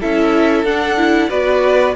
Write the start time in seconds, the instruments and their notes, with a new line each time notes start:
0.00 cello C#4, viola E4, violin A4 E5
0.64 cello D4, viola D4, violin F#5
0.98 viola E4
1.29 cello B3, viola F#4, violin B4 D5